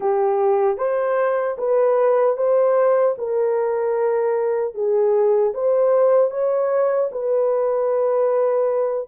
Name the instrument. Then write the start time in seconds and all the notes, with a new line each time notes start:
horn
0.00 G4
0.77 C5
1.58 B4
2.36 C5
3.18 A#4
4.74 G#4
5.54 C5
6.30 C#5
7.11 B4